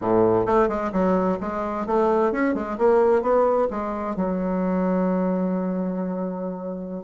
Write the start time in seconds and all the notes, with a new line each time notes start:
0.01 A2
0.46 A3
0.68 G#3
0.92 F#3
1.40 G#3
1.86 A3
2.32 C#4
2.54 G#3
2.77 A#3
3.22 B3
3.70 G#3
4.16 F#3